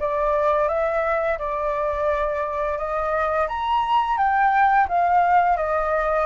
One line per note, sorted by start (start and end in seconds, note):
0.00 0.68 D5
0.68 1.38 E5
1.39 2.78 D5
2.78 3.48 D#5
3.49 4.18 A#5
4.18 4.87 G5
4.89 5.57 F5
5.57 6.26 D#5